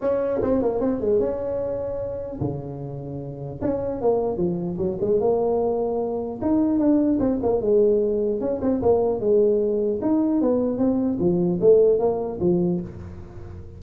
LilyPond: \new Staff \with { instrumentName = "tuba" } { \time 4/4 \tempo 4 = 150 cis'4 c'8 ais8 c'8 gis8 cis'4~ | cis'2 cis2~ | cis4 cis'4 ais4 f4 | fis8 gis8 ais2. |
dis'4 d'4 c'8 ais8 gis4~ | gis4 cis'8 c'8 ais4 gis4~ | gis4 dis'4 b4 c'4 | f4 a4 ais4 f4 | }